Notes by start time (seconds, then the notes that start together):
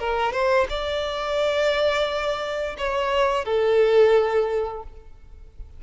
0.00 A#4
0.33 C5
0.70 D5
2.78 C#5
3.45 A4